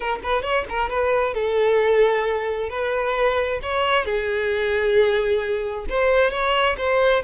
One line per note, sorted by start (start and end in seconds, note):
0.00 0.19 A#4
0.23 0.42 B4
0.42 0.65 C#5
0.69 0.89 A#4
0.89 1.34 B4
1.34 2.69 A4
2.69 3.60 B4
3.62 4.05 C#5
4.05 5.85 G#4
5.89 6.31 C5
6.31 6.75 C#5
6.77 7.22 C5